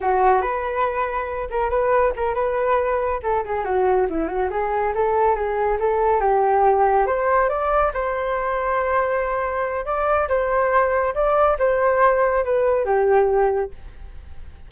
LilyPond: \new Staff \with { instrumentName = "flute" } { \time 4/4 \tempo 4 = 140 fis'4 b'2~ b'8 ais'8 | b'4 ais'8 b'2 a'8 | gis'8 fis'4 e'8 fis'8 gis'4 a'8~ | a'8 gis'4 a'4 g'4.~ |
g'8 c''4 d''4 c''4.~ | c''2. d''4 | c''2 d''4 c''4~ | c''4 b'4 g'2 | }